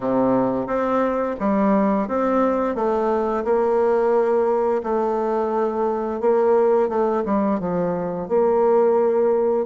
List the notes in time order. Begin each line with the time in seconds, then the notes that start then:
0.00 C3
0.66 C4
1.39 G3
2.08 C4
2.75 A3
3.44 A#3
4.83 A3
6.20 A#3
6.88 A3
7.25 G3
7.59 F3
8.28 A#3